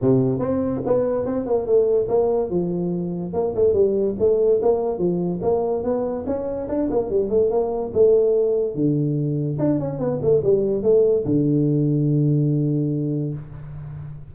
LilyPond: \new Staff \with { instrumentName = "tuba" } { \time 4/4 \tempo 4 = 144 c4 c'4 b4 c'8 ais8 | a4 ais4 f2 | ais8 a8 g4 a4 ais4 | f4 ais4 b4 cis'4 |
d'8 ais8 g8 a8 ais4 a4~ | a4 d2 d'8 cis'8 | b8 a8 g4 a4 d4~ | d1 | }